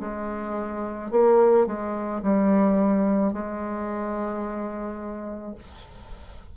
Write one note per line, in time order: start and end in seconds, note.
0.00 1.11 G#3
1.11 1.66 A#3
1.67 2.22 G#3
2.23 3.33 G3
3.33 5.55 G#3